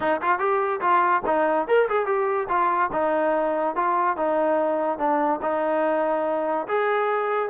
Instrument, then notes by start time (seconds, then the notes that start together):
trombone
0.00 D#4
0.21 F4
0.38 G4
0.80 F4
1.26 D#4
1.67 A#4
1.89 G#4
2.06 G4
2.48 F4
2.92 D#4
3.75 F4
4.16 D#4
4.98 D4
5.42 D#4
6.67 G#4